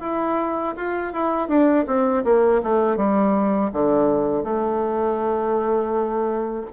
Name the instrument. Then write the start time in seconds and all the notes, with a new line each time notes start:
bassoon
0.00 E4
0.76 F4
1.13 E4
1.48 D4
1.87 C4
2.24 A#3
2.63 A3
2.96 G3
3.72 D3
4.44 A3